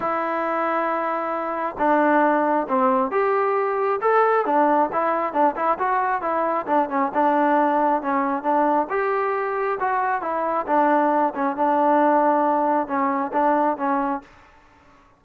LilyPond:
\new Staff \with { instrumentName = "trombone" } { \time 4/4 \tempo 4 = 135 e'1 | d'2 c'4 g'4~ | g'4 a'4 d'4 e'4 | d'8 e'8 fis'4 e'4 d'8 cis'8 |
d'2 cis'4 d'4 | g'2 fis'4 e'4 | d'4. cis'8 d'2~ | d'4 cis'4 d'4 cis'4 | }